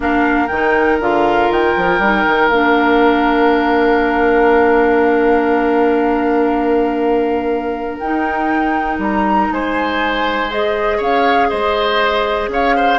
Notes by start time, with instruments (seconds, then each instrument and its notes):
0.00 bassoon A#3, clarinet D4, oboe A#4, flute F5
0.47 bassoon D#3, clarinet D#4, flute G5
1.00 bassoon D3, clarinet F4, flute F5
1.50 bassoon D#3, flute G5
1.76 bassoon F3
1.98 bassoon G3, clarinet D#4
2.26 bassoon D#3
2.48 bassoon A#3, clarinet D4, flute F5
7.98 bassoon D#4, clarinet D#4, flute G5
8.98 bassoon G3, flute A#5
9.51 bassoon G#3, oboe C5, flute G#5
10.49 clarinet G#4, flute D#5
10.97 bassoon C#4, oboe C#5, flute F5
11.49 bassoon G#3, oboe C5, flute D#5
12.48 bassoon C#4, oboe C#5, flute F5
12.76 oboe C5